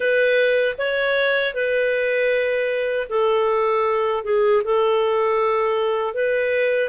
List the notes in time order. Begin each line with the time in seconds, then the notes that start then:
0.00 B4
0.77 C#5
1.53 B4
3.09 A4
4.23 G#4
4.64 A4
6.14 B4